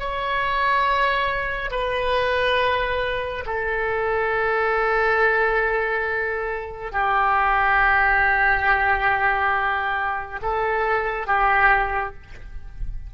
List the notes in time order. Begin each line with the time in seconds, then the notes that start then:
0.00 C#5
1.71 B4
3.47 A4
6.92 G4
10.42 A4
11.27 G4